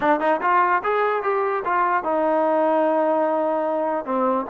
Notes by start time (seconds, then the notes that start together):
0.00 D4
0.19 D#4
0.41 F4
0.83 G#4
1.22 G4
1.64 F4
2.03 D#4
4.05 C4